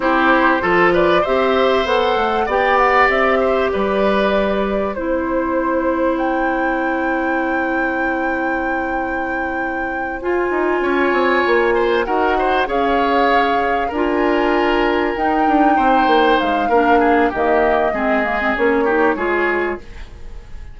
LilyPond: <<
  \new Staff \with { instrumentName = "flute" } { \time 4/4 \tempo 4 = 97 c''4. d''8 e''4 fis''4 | g''8 fis''8 e''4 d''2 | c''2 g''2~ | g''1~ |
g''8 gis''2. fis''8~ | fis''8 f''2 gis''4.~ | gis''8 g''2 f''4. | dis''2 cis''2 | }
  \new Staff \with { instrumentName = "oboe" } { \time 4/4 g'4 a'8 b'8 c''2 | d''4. c''8 b'2 | c''1~ | c''1~ |
c''4. cis''4. c''8 ais'8 | c''8 cis''2 ais'4.~ | ais'4. c''4. ais'8 gis'8 | g'4 gis'4. g'8 gis'4 | }
  \new Staff \with { instrumentName = "clarinet" } { \time 4/4 e'4 f'4 g'4 a'4 | g'1 | e'1~ | e'1~ |
e'8 f'2. fis'8~ | fis'8 gis'2 f'4.~ | f'8 dis'2~ dis'8 d'4 | ais4 c'8 ais16 c'16 cis'8 dis'8 f'4 | }
  \new Staff \with { instrumentName = "bassoon" } { \time 4/4 c'4 f4 c'4 b8 a8 | b4 c'4 g2 | c'1~ | c'1~ |
c'8 f'8 dis'8 cis'8 c'8 ais4 dis'8~ | dis'8 cis'2 d'4.~ | d'8 dis'8 d'8 c'8 ais8 gis8 ais4 | dis4 gis4 ais4 gis4 | }
>>